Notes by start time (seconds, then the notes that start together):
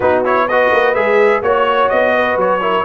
0.00 B3 D#4 F#4 B4
0.24 E4 C#5
0.48 F#4 B4 D#5
0.72 A#3
0.94 G#3 G#4 E5
1.42 A#3 F#4 C#5
1.89 B3 D#5
2.14 B4
2.36 F#3 C#5
2.60 E4 A#4